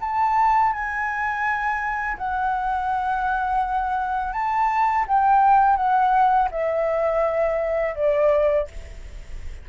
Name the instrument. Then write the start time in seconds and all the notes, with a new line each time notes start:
flute
0.00 A5
0.73 G#5
2.17 F#5
4.32 A5
5.07 G5
5.76 F#5
6.51 E5
7.95 D5